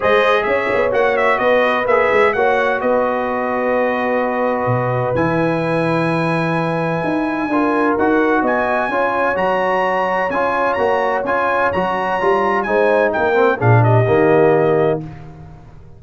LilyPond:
<<
  \new Staff \with { instrumentName = "trumpet" } { \time 4/4 \tempo 4 = 128 dis''4 e''4 fis''8 e''8 dis''4 | e''4 fis''4 dis''2~ | dis''2. gis''4~ | gis''1~ |
gis''4 fis''4 gis''2 | ais''2 gis''4 ais''4 | gis''4 ais''2 gis''4 | g''4 f''8 dis''2~ dis''8 | }
  \new Staff \with { instrumentName = "horn" } { \time 4/4 c''4 cis''2 b'4~ | b'4 cis''4 b'2~ | b'1~ | b'1 |
ais'2 dis''4 cis''4~ | cis''1~ | cis''2. c''4 | ais'4 gis'8 g'2~ g'8 | }
  \new Staff \with { instrumentName = "trombone" } { \time 4/4 gis'2 fis'2 | gis'4 fis'2.~ | fis'2. e'4~ | e'1 |
f'4 fis'2 f'4 | fis'2 f'4 fis'4 | f'4 fis'4 f'4 dis'4~ | dis'8 c'8 d'4 ais2 | }
  \new Staff \with { instrumentName = "tuba" } { \time 4/4 gis4 cis'8 b8 ais4 b4 | ais8 gis8 ais4 b2~ | b2 b,4 e4~ | e2. dis'4 |
d'4 dis'4 b4 cis'4 | fis2 cis'4 ais4 | cis'4 fis4 g4 gis4 | ais4 ais,4 dis2 | }
>>